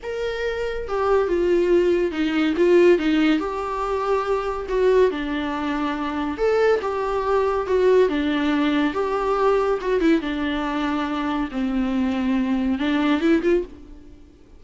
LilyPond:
\new Staff \with { instrumentName = "viola" } { \time 4/4 \tempo 4 = 141 ais'2 g'4 f'4~ | f'4 dis'4 f'4 dis'4 | g'2. fis'4 | d'2. a'4 |
g'2 fis'4 d'4~ | d'4 g'2 fis'8 e'8 | d'2. c'4~ | c'2 d'4 e'8 f'8 | }